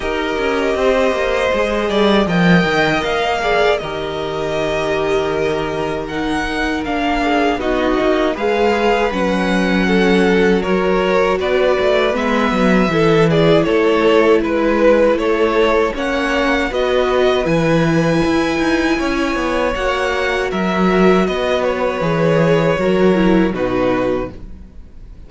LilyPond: <<
  \new Staff \with { instrumentName = "violin" } { \time 4/4 \tempo 4 = 79 dis''2. g''4 | f''4 dis''2. | fis''4 f''4 dis''4 f''4 | fis''2 cis''4 d''4 |
e''4. d''8 cis''4 b'4 | cis''4 fis''4 dis''4 gis''4~ | gis''2 fis''4 e''4 | dis''8 cis''2~ cis''8 b'4 | }
  \new Staff \with { instrumentName = "violin" } { \time 4/4 ais'4 c''4. d''8 dis''4~ | dis''8 d''8 ais'2.~ | ais'4. gis'8 fis'4 b'4~ | b'4 a'4 ais'4 b'4~ |
b'4 a'8 gis'8 a'4 b'4 | a'4 cis''4 b'2~ | b'4 cis''2 ais'4 | b'2 ais'4 fis'4 | }
  \new Staff \with { instrumentName = "viola" } { \time 4/4 g'2 gis'4 ais'4~ | ais'8 gis'8 g'2. | dis'4 d'4 dis'4 gis'4 | cis'2 fis'2 |
b4 e'2.~ | e'4 cis'4 fis'4 e'4~ | e'2 fis'2~ | fis'4 gis'4 fis'8 e'8 dis'4 | }
  \new Staff \with { instrumentName = "cello" } { \time 4/4 dis'8 cis'8 c'8 ais8 gis8 g8 f8 dis8 | ais4 dis2.~ | dis4 ais4 b8 ais8 gis4 | fis2. b8 a8 |
gis8 fis8 e4 a4 gis4 | a4 ais4 b4 e4 | e'8 dis'8 cis'8 b8 ais4 fis4 | b4 e4 fis4 b,4 | }
>>